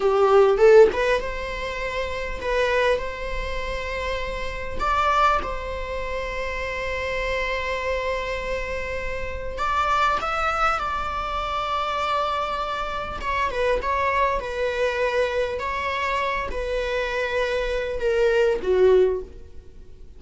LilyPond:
\new Staff \with { instrumentName = "viola" } { \time 4/4 \tempo 4 = 100 g'4 a'8 b'8 c''2 | b'4 c''2. | d''4 c''2.~ | c''1 |
d''4 e''4 d''2~ | d''2 cis''8 b'8 cis''4 | b'2 cis''4. b'8~ | b'2 ais'4 fis'4 | }